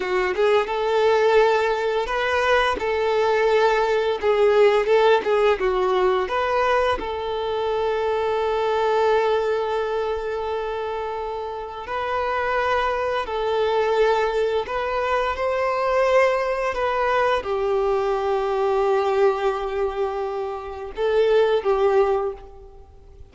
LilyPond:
\new Staff \with { instrumentName = "violin" } { \time 4/4 \tempo 4 = 86 fis'8 gis'8 a'2 b'4 | a'2 gis'4 a'8 gis'8 | fis'4 b'4 a'2~ | a'1~ |
a'4 b'2 a'4~ | a'4 b'4 c''2 | b'4 g'2.~ | g'2 a'4 g'4 | }